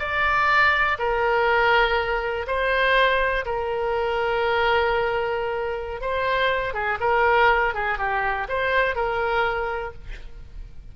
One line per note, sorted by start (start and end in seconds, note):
0.00 0.98 D5
0.99 2.47 A#4
2.47 3.46 C5
3.46 6.02 A#4
6.02 6.74 C5
6.74 6.99 G#4
7.01 7.75 A#4
7.75 7.99 G#4
7.99 8.48 G4
8.49 8.96 C5
8.96 9.94 A#4